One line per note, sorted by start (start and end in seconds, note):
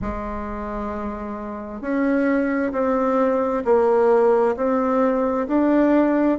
0.01 1.81 G#3
1.81 2.71 C#4
2.72 3.63 C4
3.64 4.55 A#3
4.56 5.47 C4
5.48 6.38 D4